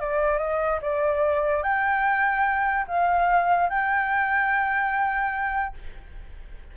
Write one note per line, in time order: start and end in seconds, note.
0.00 0.38 D5
0.38 0.79 D#5
0.81 1.63 D5
1.63 2.86 G5
2.87 3.69 F5
3.69 5.75 G5